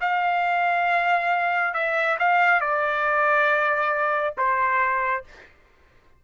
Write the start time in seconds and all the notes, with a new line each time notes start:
0.00 F5
1.74 E5
2.19 F5
2.60 D5
4.37 C5